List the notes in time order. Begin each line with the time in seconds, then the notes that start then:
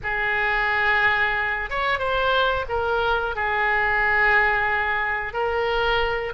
0.03 G#4
1.69 C#5
1.98 C5
2.68 A#4
3.35 G#4
5.33 A#4